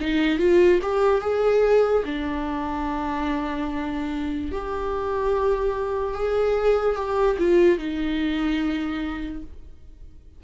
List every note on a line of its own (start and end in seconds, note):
0.00 0.38 D#4
0.38 0.80 F4
0.82 1.21 G4
1.21 2.03 G#4
2.05 4.52 D4
4.52 6.14 G4
6.14 6.96 G#4
6.96 7.37 G4
7.39 7.78 F4
7.78 9.42 D#4